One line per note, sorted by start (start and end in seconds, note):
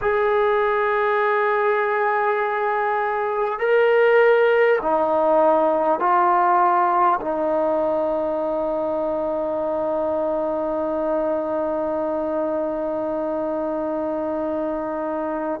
0.01 3.59 G#4
3.59 4.79 A#4
4.82 5.99 D#4
5.99 7.19 F4
7.21 15.60 D#4